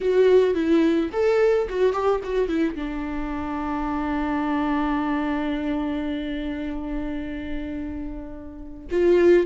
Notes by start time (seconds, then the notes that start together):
0.00 F#4
0.54 E4
1.12 A4
1.69 F#4
1.92 G4
2.23 F#4
2.48 E4
2.75 D4
8.91 F4